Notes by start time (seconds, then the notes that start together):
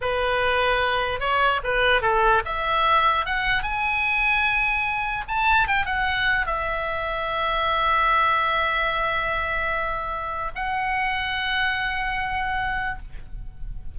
0.01 B4
1.20 C#5
1.63 B4
2.01 A4
2.45 E5
3.25 F#5
3.62 G#5
5.27 A5
5.67 G5
5.85 F#5
6.46 E5
10.55 F#5